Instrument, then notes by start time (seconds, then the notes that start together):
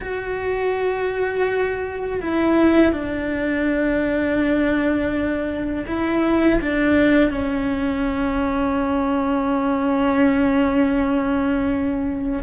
cello
0.00 F#4
2.21 E4
2.92 D4
5.87 E4
6.61 D4
7.30 C#4